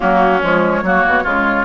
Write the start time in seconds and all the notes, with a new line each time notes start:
0.00 F#3 A#3 C#4 F#4
0.42 F3 G#3 C#5
0.82 F#3 A#3 F#4
1.07 B2
1.23 C#3 G#3 F4